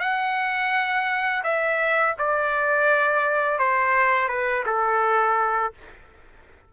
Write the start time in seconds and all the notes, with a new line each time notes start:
0.00 F#5
1.44 E5
2.18 D5
3.59 C5
4.28 B4
4.66 A4